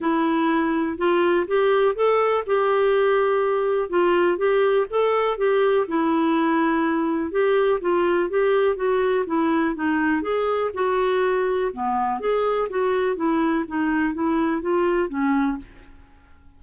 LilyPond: \new Staff \with { instrumentName = "clarinet" } { \time 4/4 \tempo 4 = 123 e'2 f'4 g'4 | a'4 g'2. | f'4 g'4 a'4 g'4 | e'2. g'4 |
f'4 g'4 fis'4 e'4 | dis'4 gis'4 fis'2 | b4 gis'4 fis'4 e'4 | dis'4 e'4 f'4 cis'4 | }